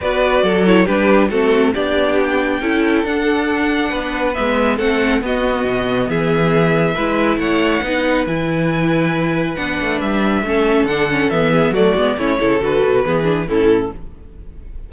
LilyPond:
<<
  \new Staff \with { instrumentName = "violin" } { \time 4/4 \tempo 4 = 138 d''4. cis''8 b'4 a'4 | d''4 g''2 fis''4~ | fis''2 e''4 fis''4 | dis''2 e''2~ |
e''4 fis''2 gis''4~ | gis''2 fis''4 e''4~ | e''4 fis''4 e''4 d''4 | cis''4 b'2 a'4 | }
  \new Staff \with { instrumentName = "violin" } { \time 4/4 b'4 a'4 g'4 fis'4 | g'2 a'2~ | a'4 b'2 a'4 | fis'2 gis'2 |
b'4 cis''4 b'2~ | b'1 | a'2~ a'8 gis'8 fis'4 | e'8 a'4. gis'4 e'4 | }
  \new Staff \with { instrumentName = "viola" } { \time 4/4 fis'4. e'8 d'4 c'4 | d'2 e'4 d'4~ | d'2 b4 c'4 | b1 |
e'2 dis'4 e'4~ | e'2 d'2 | cis'4 d'8 cis'8 b4 a8 b8 | cis'8 e'8 fis'4 b8 d'8 cis'4 | }
  \new Staff \with { instrumentName = "cello" } { \time 4/4 b4 fis4 g4 a4 | b2 cis'4 d'4~ | d'4 b4 gis4 a4 | b4 b,4 e2 |
gis4 a4 b4 e4~ | e2 b8 a8 g4 | a4 d4 e4 fis8 gis8 | a8 cis8 d8 b,8 e4 a,4 | }
>>